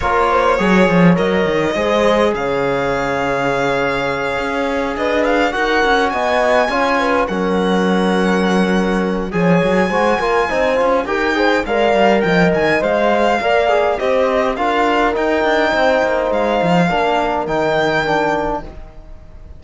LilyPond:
<<
  \new Staff \with { instrumentName = "violin" } { \time 4/4 \tempo 4 = 103 cis''2 dis''2 | f''1~ | f''8 dis''8 f''8 fis''4 gis''4.~ | gis''8 fis''2.~ fis''8 |
gis''2. g''4 | f''4 g''8 gis''8 f''2 | dis''4 f''4 g''2 | f''2 g''2 | }
  \new Staff \with { instrumentName = "horn" } { \time 4/4 ais'8 c''8 cis''2 c''4 | cis''1~ | cis''8 b'4 ais'4 dis''4 cis''8 | b'8 ais'2.~ ais'8 |
cis''4 c''8 ais'8 c''4 ais'8 c''8 | d''4 dis''2 d''4 | c''4 ais'2 c''4~ | c''4 ais'2. | }
  \new Staff \with { instrumentName = "trombone" } { \time 4/4 f'4 gis'4 ais'4 gis'4~ | gis'1~ | gis'4. fis'2 f'8~ | f'8 cis'2.~ cis'8 |
gis'4 fis'8 f'8 dis'8 f'8 g'8 gis'8 | ais'2 c''4 ais'8 gis'8 | g'4 f'4 dis'2~ | dis'4 d'4 dis'4 d'4 | }
  \new Staff \with { instrumentName = "cello" } { \time 4/4 ais4 fis8 f8 fis8 dis8 gis4 | cis2.~ cis8 cis'8~ | cis'8 d'4 dis'8 cis'8 b4 cis'8~ | cis'8 fis2.~ fis8 |
f8 fis8 gis8 ais8 c'8 cis'8 dis'4 | gis8 g8 f8 dis8 gis4 ais4 | c'4 d'4 dis'8 d'8 c'8 ais8 | gis8 f8 ais4 dis2 | }
>>